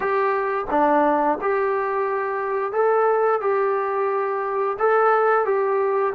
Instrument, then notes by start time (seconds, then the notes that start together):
trombone
0.00 G4
0.70 D4
1.41 G4
2.72 A4
3.41 G4
4.79 A4
5.45 G4